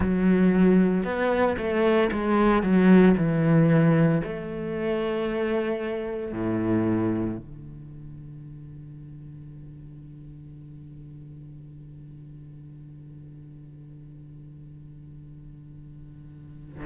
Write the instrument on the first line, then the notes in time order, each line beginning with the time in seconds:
cello
0.00 F#3
1.04 B3
1.57 A3
2.11 G#3
2.63 F#3
3.17 E3
4.23 A3
6.32 A2
7.37 D3